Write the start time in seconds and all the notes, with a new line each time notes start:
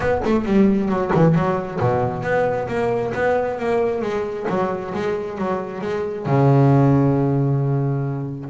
0.00 B3
0.24 A3
0.45 G3
0.88 F#3
1.14 E3
1.34 F#3
1.80 B2
2.23 B3
2.67 A#3
3.14 B3
3.59 A#3
4.01 G#3
4.49 F#3
4.94 G#3
5.38 F#3
5.81 G#3
6.26 C#3